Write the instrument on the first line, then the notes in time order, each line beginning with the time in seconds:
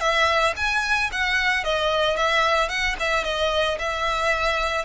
violin
0.00 E5
0.56 G#5
1.12 F#5
1.64 D#5
2.16 E5
2.69 F#5
3.00 E5
3.24 D#5
3.79 E5